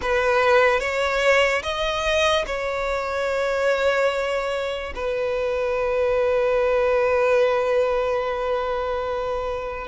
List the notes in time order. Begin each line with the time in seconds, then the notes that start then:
0.01 B4
0.80 C#5
1.63 D#5
2.46 C#5
4.95 B4